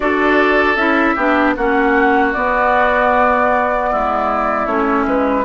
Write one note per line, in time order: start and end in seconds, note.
0.00 0.75 D4
0.00 0.76 F#4
0.00 1.15 A4
0.00 0.76 D5
0.75 1.14 C#4
0.75 1.17 E4
0.75 1.54 E5
1.15 1.56 B3
1.15 1.56 D4
1.15 1.54 G4
1.56 2.35 A#3
1.56 2.34 C#4
1.56 3.90 F#4
1.56 2.33 F#5
2.33 4.67 B3
2.33 3.92 B3
2.33 4.65 D5
3.90 4.66 G#3
3.90 5.44 E4
4.65 5.05 A3
4.65 5.44 C#4
4.65 5.04 C#5
5.06 5.44 G#3
5.06 5.44 B4